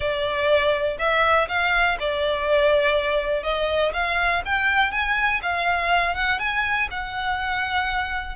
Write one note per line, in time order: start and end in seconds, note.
0.00 0.97 D5
0.98 1.48 E5
1.48 1.97 F5
1.99 3.43 D5
3.43 3.92 D#5
3.93 4.42 F5
4.45 4.91 G5
4.91 5.40 G#5
5.42 6.14 F5
6.14 6.39 F#5
6.39 6.88 G#5
6.90 8.36 F#5